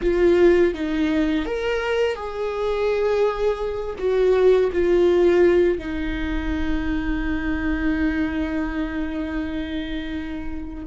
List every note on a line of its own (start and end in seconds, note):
0.01 0.74 F4
0.74 1.45 D#4
1.45 2.15 A#4
2.15 3.95 G#4
3.98 4.70 F#4
4.72 5.78 F4
5.78 10.84 D#4